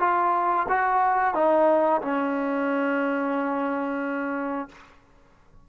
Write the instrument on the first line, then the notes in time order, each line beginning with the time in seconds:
trombone
0.00 F4
0.69 F#4
1.35 D#4
2.02 C#4